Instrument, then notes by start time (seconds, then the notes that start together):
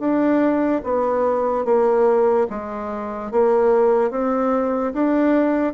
bassoon
0.00 D4
0.84 B3
1.65 A#3
2.50 G#3
3.32 A#3
4.11 C4
4.94 D4